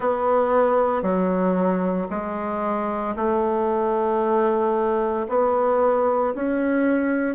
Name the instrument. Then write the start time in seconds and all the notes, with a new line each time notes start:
bassoon
0.00 B3
1.02 F#3
2.10 G#3
3.16 A3
5.28 B3
6.34 C#4